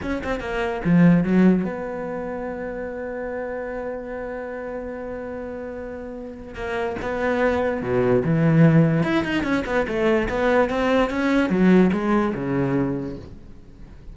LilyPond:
\new Staff \with { instrumentName = "cello" } { \time 4/4 \tempo 4 = 146 cis'8 c'8 ais4 f4 fis4 | b1~ | b1~ | b1 |
ais4 b2 b,4 | e2 e'8 dis'8 cis'8 b8 | a4 b4 c'4 cis'4 | fis4 gis4 cis2 | }